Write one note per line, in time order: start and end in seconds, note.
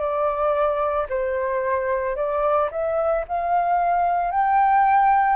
0.00 1.07 D5
1.10 2.17 C5
2.17 2.70 D5
2.72 3.25 E5
3.28 4.31 F5
4.31 5.36 G5